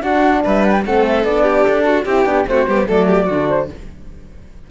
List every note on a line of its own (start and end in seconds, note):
0.00 0.81 D4
0.00 0.43 D4
0.00 0.43 F#4
0.00 0.43 F#5
0.43 0.85 G3
0.43 0.84 B4
0.43 0.64 E5
0.64 0.72 F#5
0.72 0.82 G5
0.85 1.24 A3
0.85 1.25 C4
0.85 1.43 A4
0.85 1.05 F#5
1.06 1.25 E5
1.24 1.65 B3
1.24 2.06 D4
1.24 1.64 D5
1.43 1.83 G4
1.64 2.05 D4
1.64 2.05 A4
1.85 2.05 F#4
2.05 2.25 C4
2.05 2.26 E4
2.05 2.45 G4
2.05 2.48 G4
2.25 2.45 B3
2.25 2.46 D4
2.47 2.67 A3
2.47 2.68 C4
2.47 2.69 F#4
2.47 2.88 C5
2.67 2.88 G3
2.67 2.86 B3
2.67 2.88 G4
2.86 3.29 F#3
2.86 3.27 A3
2.86 3.08 A4
2.86 3.48 D5
3.08 3.26 G4
3.26 3.70 D3
3.26 3.70 D4
3.26 3.67 F#4
3.48 3.69 C5